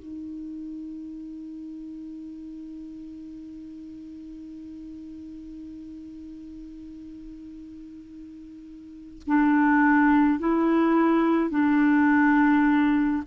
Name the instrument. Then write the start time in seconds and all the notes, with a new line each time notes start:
clarinet
0.00 D#4
9.27 D4
10.40 E4
11.51 D4